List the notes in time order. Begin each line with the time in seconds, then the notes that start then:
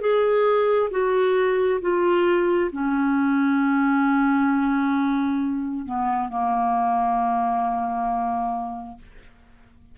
0.00 G#4
0.90 F#4
1.81 F4
2.72 C#4
5.85 B3
6.29 A#3